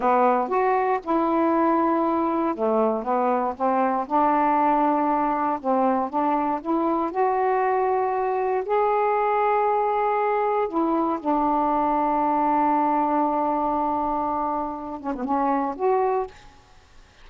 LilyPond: \new Staff \with { instrumentName = "saxophone" } { \time 4/4 \tempo 4 = 118 b4 fis'4 e'2~ | e'4 a4 b4 c'4 | d'2. c'4 | d'4 e'4 fis'2~ |
fis'4 gis'2.~ | gis'4 e'4 d'2~ | d'1~ | d'4. cis'16 b16 cis'4 fis'4 | }